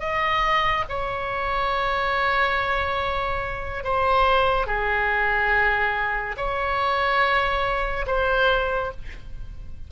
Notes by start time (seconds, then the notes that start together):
0.00 D#5
0.89 C#5
3.84 C5
4.67 G#4
6.37 C#5
8.07 C5